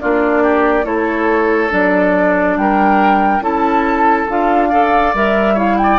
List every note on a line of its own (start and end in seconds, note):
0.00 0.85 A#3
0.00 0.84 D4
0.00 0.42 F4
0.00 0.85 D5
0.42 0.85 G4
0.84 1.70 A3
0.84 1.69 E4
0.84 2.57 A4
0.84 1.71 C#5
1.69 2.56 F#3
1.69 3.41 D4
1.69 2.57 D5
2.56 3.39 G3
2.56 3.43 A#4
2.56 3.42 G5
3.39 4.25 C#4
3.39 4.27 E4
3.39 4.69 A4
3.39 4.29 A5
4.28 5.13 D4
4.28 4.71 F4
4.28 5.15 F5
4.69 5.14 A4
4.69 5.54 D5
5.13 5.98 G3
5.13 5.56 A#4
5.13 5.58 E5
5.54 5.98 E4
5.54 5.75 C#5
5.54 5.77 F5
5.77 5.98 D5
5.77 5.98 G5